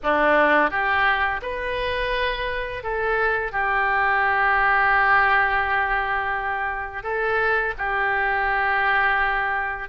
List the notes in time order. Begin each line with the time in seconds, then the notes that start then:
0.03 D4
0.70 G4
1.42 B4
2.83 A4
3.52 G4
7.03 A4
7.77 G4